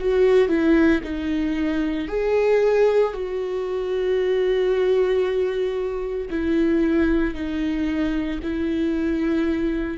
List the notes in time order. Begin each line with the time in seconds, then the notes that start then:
0.00 F#4
0.49 E4
1.03 D#4
2.08 G#4
3.13 F#4
6.30 E4
7.34 D#4
8.43 E4